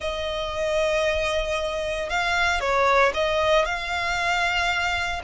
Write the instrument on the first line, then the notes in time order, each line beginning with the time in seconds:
violin
0.00 D#5
2.09 F5
2.60 C#5
3.14 D#5
3.65 F5